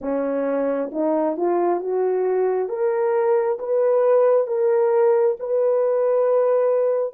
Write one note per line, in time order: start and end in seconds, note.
0.01 0.90 C#4
0.92 1.36 D#4
1.36 1.80 F4
1.80 2.68 F#4
2.68 3.58 A#4
3.59 4.47 B4
4.47 5.36 A#4
5.39 7.13 B4